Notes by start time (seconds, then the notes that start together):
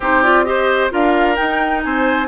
0.00 C4 D#4 G4 C5
0.23 F4 D5
0.44 G4 C5 D#5
0.90 D4 F4 A#4 F5
1.35 D#4 G5
1.83 C4 C5 G#5